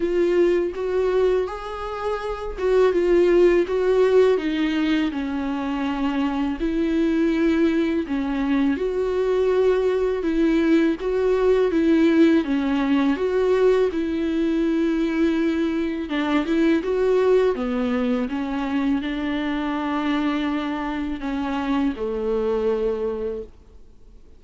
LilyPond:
\new Staff \with { instrumentName = "viola" } { \time 4/4 \tempo 4 = 82 f'4 fis'4 gis'4. fis'8 | f'4 fis'4 dis'4 cis'4~ | cis'4 e'2 cis'4 | fis'2 e'4 fis'4 |
e'4 cis'4 fis'4 e'4~ | e'2 d'8 e'8 fis'4 | b4 cis'4 d'2~ | d'4 cis'4 a2 | }